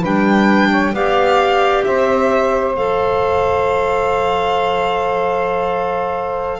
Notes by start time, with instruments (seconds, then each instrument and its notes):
0.00 double bass G3, clarinet D4, saxophone B4, violin G5
0.70 saxophone C#5
0.93 double bass B3, clarinet G4, saxophone D5, violin F5
1.84 double bass C4, saxophone C5, violin E5
2.75 double bass F3, clarinet A4, violin F5